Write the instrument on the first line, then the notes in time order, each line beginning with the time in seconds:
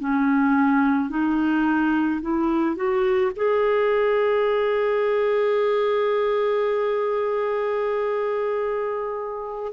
clarinet
0.00 C#4
1.10 D#4
2.22 E4
2.76 F#4
3.36 G#4